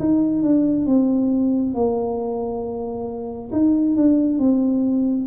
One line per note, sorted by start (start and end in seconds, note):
0.00 0.43 D#4
0.43 0.87 D4
0.87 1.75 C4
1.75 3.51 A#3
3.53 3.96 D#4
3.96 4.39 D4
4.39 5.27 C4